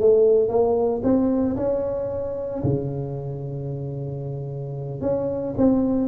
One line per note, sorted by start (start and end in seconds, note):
0.00 0.48 A3
0.48 1.01 A#3
1.03 1.56 C4
1.56 2.62 C#4
2.63 5.01 C#3
5.01 5.54 C#4
5.57 6.08 C4